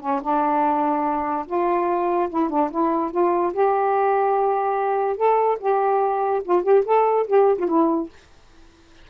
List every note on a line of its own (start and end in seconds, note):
0.00 0.21 C#4
0.22 1.46 D4
1.46 2.29 F4
2.30 2.50 E4
2.50 2.70 D4
2.70 3.11 E4
3.11 3.53 F4
3.53 5.16 G4
5.16 5.58 A4
5.60 6.43 G4
6.44 6.63 F4
6.63 6.84 G4
6.85 7.27 A4
7.27 7.58 G4
7.58 7.68 F4
7.68 8.09 E4